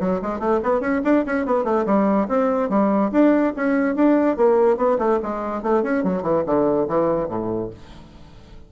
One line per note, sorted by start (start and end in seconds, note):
0.00 0.21 F#3
0.22 0.40 G#3
0.40 0.60 A3
0.63 0.80 B3
0.80 1.01 C#4
1.04 1.25 D4
1.26 1.46 C#4
1.46 1.65 B3
1.65 1.85 A3
1.86 2.28 G3
2.28 2.70 C4
2.70 3.11 G3
3.12 3.54 D4
3.56 3.96 C#4
3.96 4.37 D4
4.37 4.77 A#3
4.77 4.98 B3
4.99 5.20 A3
5.23 5.63 G#3
5.63 5.83 A3
5.83 6.04 C#4
6.04 6.23 F#3
6.23 6.44 E3
6.46 6.88 D3
6.88 7.29 E3
7.29 7.70 A2